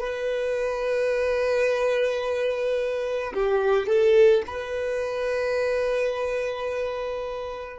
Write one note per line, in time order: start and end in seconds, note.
0.00 3.33 B4
3.34 3.87 G4
3.87 4.42 A4
4.47 7.79 B4